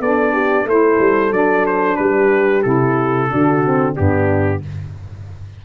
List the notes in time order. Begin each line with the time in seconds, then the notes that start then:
0.00 B3 D4 A4 D5
0.33 G4
0.65 A3 E4 A4 C5
0.99 G3
1.31 F#3 D4 D5
1.67 C5
1.96 G3 G4 B4
2.62 C3 E4 A4
3.28 D3 D4 F#4
3.64 C4
3.94 G2 B3 D4 G4